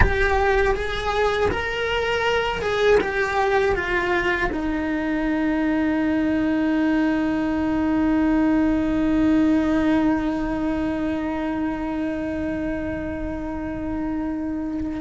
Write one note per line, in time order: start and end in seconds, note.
0.00 0.75 G4
0.75 1.50 G#4
1.50 2.61 A#4
2.61 2.99 G#4
3.00 3.75 G4
3.75 4.50 F4
4.51 15.00 D#4